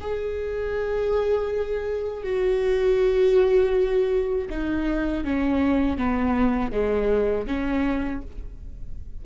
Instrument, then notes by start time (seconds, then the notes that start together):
viola
0.00 G#4
2.23 F#4
4.50 D#4
5.24 C#4
5.97 B3
6.72 G#3
7.47 C#4